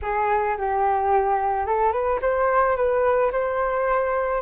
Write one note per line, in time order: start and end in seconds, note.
0.02 0.57 G#4
0.57 1.66 G4
1.66 1.92 A4
1.92 2.19 B4
2.21 2.76 C5
2.76 3.31 B4
3.32 4.41 C5